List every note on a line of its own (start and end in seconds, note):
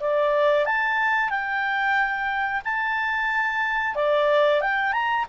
0.00 0.65 D5
0.65 1.29 A5
1.29 2.61 G5
2.65 3.95 A5
3.95 4.61 D5
4.61 4.92 G5
4.92 5.25 A#5